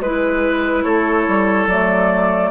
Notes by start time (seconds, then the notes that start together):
0.00 G#3 E4 B4
0.83 A3 A4 C#5
1.28 G3
1.67 F#3 A3 D5